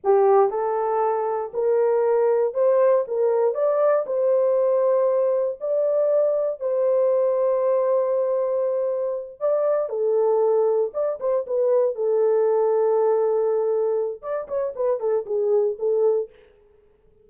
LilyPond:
\new Staff \with { instrumentName = "horn" } { \time 4/4 \tempo 4 = 118 g'4 a'2 ais'4~ | ais'4 c''4 ais'4 d''4 | c''2. d''4~ | d''4 c''2.~ |
c''2~ c''8 d''4 a'8~ | a'4. d''8 c''8 b'4 a'8~ | a'1 | d''8 cis''8 b'8 a'8 gis'4 a'4 | }